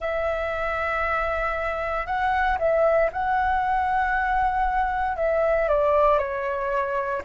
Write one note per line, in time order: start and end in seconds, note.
0.00 2.06 E5
2.06 2.58 F#5
2.59 3.10 E5
3.12 5.16 F#5
5.16 5.68 E5
5.68 6.18 D5
6.18 7.21 C#5